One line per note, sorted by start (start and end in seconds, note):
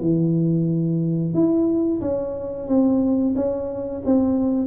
0.00 1.33 E3
1.34 2.00 E4
2.01 2.68 C#4
2.68 3.34 C4
3.35 4.02 C#4
4.05 4.66 C4